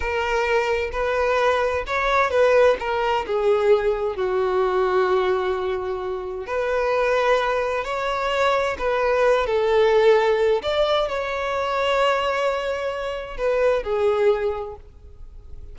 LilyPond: \new Staff \with { instrumentName = "violin" } { \time 4/4 \tempo 4 = 130 ais'2 b'2 | cis''4 b'4 ais'4 gis'4~ | gis'4 fis'2.~ | fis'2 b'2~ |
b'4 cis''2 b'4~ | b'8 a'2~ a'8 d''4 | cis''1~ | cis''4 b'4 gis'2 | }